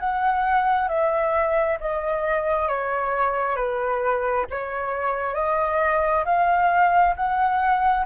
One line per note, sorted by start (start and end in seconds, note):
0.00 0.89 F#5
0.89 1.78 E5
1.81 2.69 D#5
2.69 3.56 C#5
3.56 4.46 B4
4.51 5.35 C#5
5.35 6.24 D#5
6.26 7.15 F5
7.16 8.06 F#5